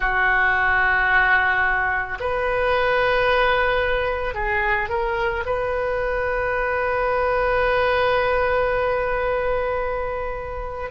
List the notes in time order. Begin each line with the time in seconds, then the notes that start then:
0.00 F#4
2.20 B4
4.34 G#4
4.89 A#4
5.45 B4